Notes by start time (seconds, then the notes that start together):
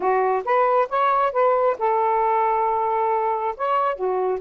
0.00 F#4
0.44 B4
0.89 C#5
1.32 B4
1.78 A4
3.56 C#5
3.95 F#4